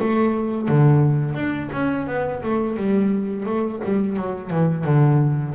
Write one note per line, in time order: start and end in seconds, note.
0.00 0.68 A3
0.68 1.34 D3
1.34 1.69 D4
1.72 2.07 C#4
2.07 2.42 B3
2.42 2.77 A3
2.77 3.46 G3
3.46 3.81 A3
3.84 4.17 G3
4.17 4.50 F#3
4.50 4.84 E3
4.84 5.54 D3